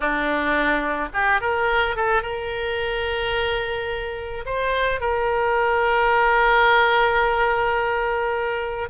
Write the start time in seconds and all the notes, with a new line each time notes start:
0.00 D4
1.13 G4
1.40 A#4
1.95 A4
2.22 A#4
4.45 C5
5.00 A#4